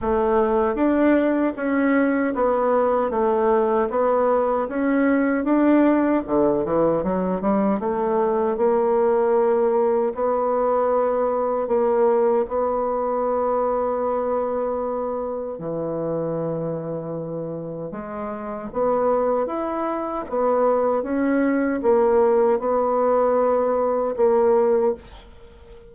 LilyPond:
\new Staff \with { instrumentName = "bassoon" } { \time 4/4 \tempo 4 = 77 a4 d'4 cis'4 b4 | a4 b4 cis'4 d'4 | d8 e8 fis8 g8 a4 ais4~ | ais4 b2 ais4 |
b1 | e2. gis4 | b4 e'4 b4 cis'4 | ais4 b2 ais4 | }